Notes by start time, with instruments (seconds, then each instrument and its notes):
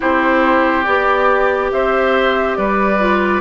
0.00 bassoon C4, clarinet E4, oboe G4, flute C5
0.84 bassoon B3, clarinet G4, flute D5
1.71 bassoon C4, oboe C5, flute E5
2.56 bassoon G3, oboe B4, flute D5
2.99 clarinet F4